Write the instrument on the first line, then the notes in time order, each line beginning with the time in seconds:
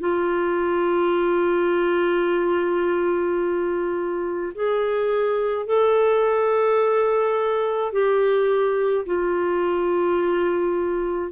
clarinet
0.00 F4
4.55 G#4
5.66 A4
7.92 G4
9.06 F4